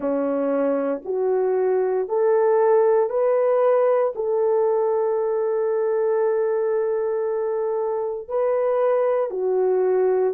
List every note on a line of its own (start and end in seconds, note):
0.00 1.01 C#4
1.04 2.08 F#4
2.08 3.09 A4
3.09 4.13 B4
4.15 8.28 A4
8.28 9.30 B4
9.30 10.34 F#4